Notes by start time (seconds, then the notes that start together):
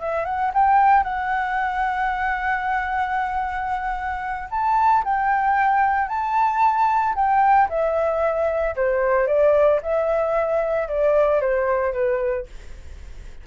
0.00 E5
0.25 F#5
0.54 G5
1.03 F#5
4.51 A5
5.04 G5
6.08 A5
7.15 G5
7.69 E5
8.76 C5
9.27 D5
9.82 E5
10.88 D5
11.41 C5
11.93 B4